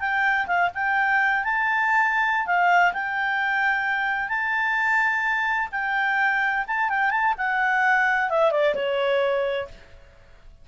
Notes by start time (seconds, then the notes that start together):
0.00 G5
0.47 F5
0.74 G5
1.44 A5
2.46 F5
2.93 G5
4.29 A5
5.72 G5
6.67 A5
6.89 G5
7.11 A5
7.38 F#5
8.30 E5
8.51 D5
8.75 C#5